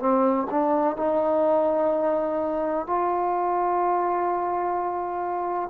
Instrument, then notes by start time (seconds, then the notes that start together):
trombone
0.00 C4
0.51 D4
0.97 D#4
2.87 F4